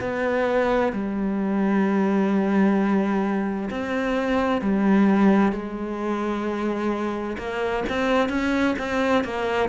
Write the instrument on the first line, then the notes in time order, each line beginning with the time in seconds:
cello
0.00 B3
0.92 G3
3.70 C4
4.61 G3
5.52 G#3
7.38 A#3
7.89 C4
8.29 C#4
8.79 C4
9.24 A#3